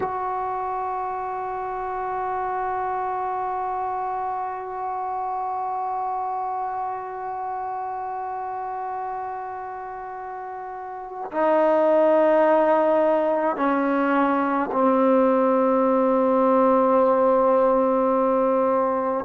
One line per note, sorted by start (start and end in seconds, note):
0.00 11.31 F#4
11.31 13.56 D#4
13.56 14.69 C#4
14.72 19.25 C4